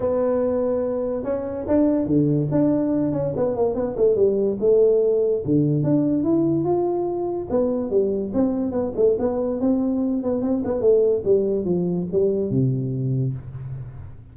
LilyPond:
\new Staff \with { instrumentName = "tuba" } { \time 4/4 \tempo 4 = 144 b2. cis'4 | d'4 d4 d'4. cis'8 | b8 ais8 b8 a8 g4 a4~ | a4 d4 d'4 e'4 |
f'2 b4 g4 | c'4 b8 a8 b4 c'4~ | c'8 b8 c'8 b8 a4 g4 | f4 g4 c2 | }